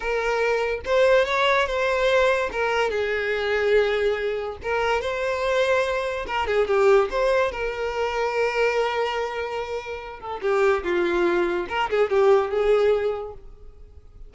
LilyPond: \new Staff \with { instrumentName = "violin" } { \time 4/4 \tempo 4 = 144 ais'2 c''4 cis''4 | c''2 ais'4 gis'4~ | gis'2. ais'4 | c''2. ais'8 gis'8 |
g'4 c''4 ais'2~ | ais'1~ | ais'8 a'8 g'4 f'2 | ais'8 gis'8 g'4 gis'2 | }